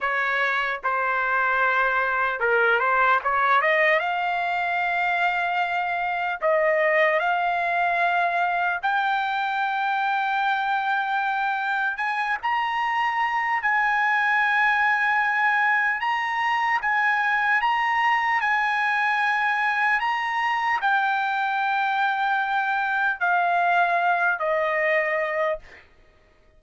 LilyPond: \new Staff \with { instrumentName = "trumpet" } { \time 4/4 \tempo 4 = 75 cis''4 c''2 ais'8 c''8 | cis''8 dis''8 f''2. | dis''4 f''2 g''4~ | g''2. gis''8 ais''8~ |
ais''4 gis''2. | ais''4 gis''4 ais''4 gis''4~ | gis''4 ais''4 g''2~ | g''4 f''4. dis''4. | }